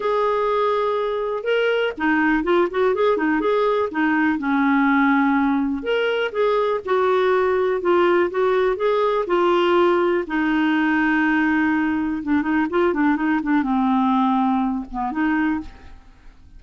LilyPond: \new Staff \with { instrumentName = "clarinet" } { \time 4/4 \tempo 4 = 123 gis'2. ais'4 | dis'4 f'8 fis'8 gis'8 dis'8 gis'4 | dis'4 cis'2. | ais'4 gis'4 fis'2 |
f'4 fis'4 gis'4 f'4~ | f'4 dis'2.~ | dis'4 d'8 dis'8 f'8 d'8 dis'8 d'8 | c'2~ c'8 b8 dis'4 | }